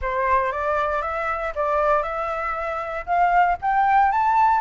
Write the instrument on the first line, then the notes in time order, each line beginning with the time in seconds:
flute
0.01 C5
0.52 D5
1.02 E5
1.55 D5
2.02 E5
3.06 F5
3.61 G5
4.11 A5